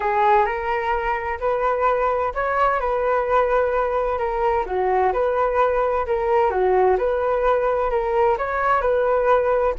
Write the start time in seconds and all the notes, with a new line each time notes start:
0.00 G#4
0.45 A#4
1.40 B4
2.34 C#5
2.79 B4
4.18 A#4
4.66 F#4
5.12 B4
6.06 A#4
6.50 F#4
6.98 B4
7.90 A#4
8.37 C#5
8.81 B4